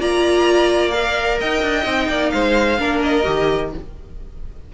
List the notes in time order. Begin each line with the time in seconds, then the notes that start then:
0.00 A#3 F4 D5 A#5
0.91 A#4 F5
1.40 D#4 D#5 G5
1.63 D4
1.84 C4 D#4
2.09 A#3 D5
2.30 G#3 C5 F5
2.79 A#3 D4 A#4
3.03 D#5
3.23 D#3 G4